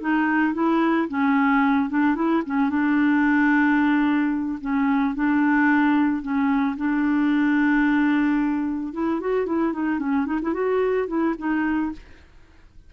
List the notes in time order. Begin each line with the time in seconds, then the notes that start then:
0.00 D#4
0.53 E4
1.08 C#4
1.89 D4
2.15 E4
2.45 C#4
2.69 D4
4.60 C#4
5.14 D4
6.22 C#4
6.76 D4
8.93 E4
9.20 F#4
9.45 E4
9.72 D#4
9.99 C#4
10.26 D#4
10.42 E4
10.53 F#4
11.07 E4
11.38 D#4